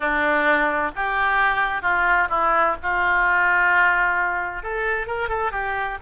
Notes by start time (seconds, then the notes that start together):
0.00 D4
0.95 G4
1.81 F4
2.29 E4
2.82 F4
4.62 A4
5.06 A#4
5.28 A4
5.51 G4